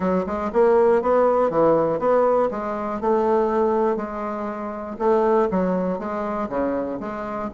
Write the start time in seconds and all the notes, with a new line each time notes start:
0.00 F#3
0.26 G#3
0.53 A#3
1.01 B3
1.50 E3
1.99 B3
2.50 G#3
3.00 A3
3.96 G#3
4.98 A3
5.50 F#3
5.99 G#3
6.49 C#3
7.00 G#3